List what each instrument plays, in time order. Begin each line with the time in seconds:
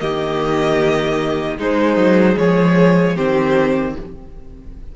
0.00 cello D#3, viola A#3, violin G4 D#5
1.58 cello G#3, viola G#3, violin D#4 C5
1.97 cello F#3
2.38 cello F3, violin G#4 C#5
3.16 cello D#3, viola C4, violin G4 C5